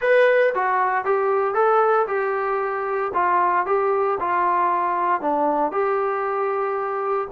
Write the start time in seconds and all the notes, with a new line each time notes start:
0.01 B4
0.54 F#4
1.05 G4
1.54 A4
2.07 G4
3.14 F4
3.66 G4
4.20 F4
5.21 D4
5.71 G4